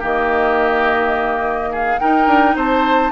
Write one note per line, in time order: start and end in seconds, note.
0.00 2.01 D#3
0.00 1.99 A#3
0.00 1.70 G4
0.00 1.74 D#5
1.72 2.00 G#4
1.72 1.99 F5
1.99 3.12 D#4
1.99 2.27 D#4
1.99 2.56 A#4
1.99 2.56 G5
2.27 2.55 D4
2.56 3.12 C4
2.56 3.12 C5
2.56 3.12 A5